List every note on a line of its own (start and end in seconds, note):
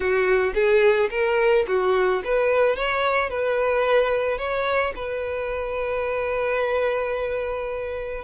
0.00 0.53 F#4
0.54 1.09 G#4
1.10 1.65 A#4
1.67 2.22 F#4
2.24 2.75 B4
2.75 3.29 C#5
3.29 4.38 B4
4.38 4.93 C#5
4.95 8.24 B4